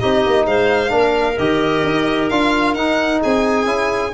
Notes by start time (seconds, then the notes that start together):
0.00 C4 D#4 G4 D#5
0.26 A#3
0.46 G#3 C5 F5
0.88 A#3 D4 A#4
1.38 D#3 G4 D#5
1.84 D#4
2.29 D4 F4 F5
2.74 D#4 F#5
3.21 C4 G#4 G#5
3.65 C#4 E4